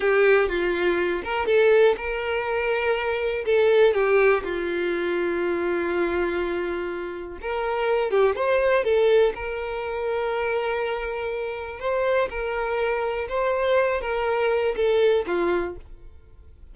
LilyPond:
\new Staff \with { instrumentName = "violin" } { \time 4/4 \tempo 4 = 122 g'4 f'4. ais'8 a'4 | ais'2. a'4 | g'4 f'2.~ | f'2. ais'4~ |
ais'8 g'8 c''4 a'4 ais'4~ | ais'1 | c''4 ais'2 c''4~ | c''8 ais'4. a'4 f'4 | }